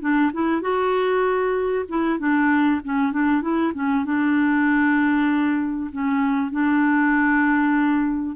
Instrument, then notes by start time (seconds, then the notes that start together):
clarinet
0.00 D4
0.32 E4
0.61 F#4
1.88 E4
2.19 D4
2.84 C#4
3.12 D4
3.41 E4
3.74 C#4
4.05 D4
5.92 C#4
6.51 D4